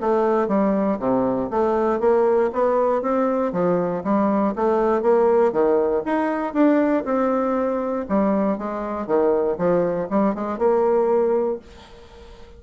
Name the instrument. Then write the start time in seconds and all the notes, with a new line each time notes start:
bassoon
0.00 A3
0.48 G3
0.99 C3
1.50 A3
2.00 A#3
2.53 B3
3.02 C4
3.52 F3
4.04 G3
4.55 A3
5.02 A#3
5.52 D#3
6.05 D#4
6.53 D4
7.05 C4
8.09 G3
8.58 G#3
9.07 D#3
9.58 F3
10.10 G3
10.35 G#3
10.58 A#3